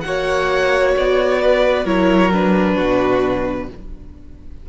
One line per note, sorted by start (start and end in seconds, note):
0.00 0.95 A#3
0.00 1.85 F#4
0.00 1.41 C#5
0.00 0.91 F#5
0.96 1.85 B3
0.96 1.87 D5
1.41 1.84 B4
1.84 2.76 F#3
1.84 2.31 E4
1.84 2.74 A#4
1.84 2.32 C#5
2.31 3.68 D4
2.31 3.69 B4
2.74 3.68 B2
2.74 3.65 F#4